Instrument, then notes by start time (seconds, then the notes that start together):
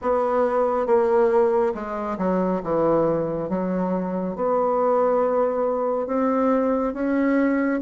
bassoon
0.01 B3
0.86 A#3
1.74 G#3
2.17 F#3
2.63 E3
3.49 F#3
4.35 B3
6.06 C4
6.93 C#4